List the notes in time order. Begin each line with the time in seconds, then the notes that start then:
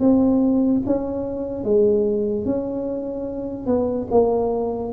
0.00 C4
0.86 C#4
1.64 G#3
2.45 C#4
3.67 B3
4.11 A#3